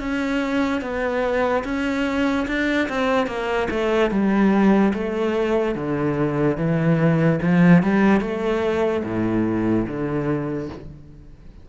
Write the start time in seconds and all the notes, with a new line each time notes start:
0.00 C#4
0.82 B3
1.65 C#4
2.48 D4
2.89 C4
3.27 A#3
3.71 A3
4.11 G3
4.94 A3
5.76 D3
6.58 E3
7.42 F3
7.83 G3
8.21 A3
9.04 A2
9.87 D3